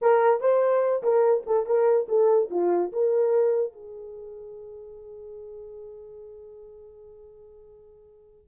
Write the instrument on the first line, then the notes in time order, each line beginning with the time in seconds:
horn
0.01 A#4
0.40 C5
1.02 A#4
1.46 A4
1.66 A#4
2.08 A4
2.50 F4
2.92 A#4
3.72 G#4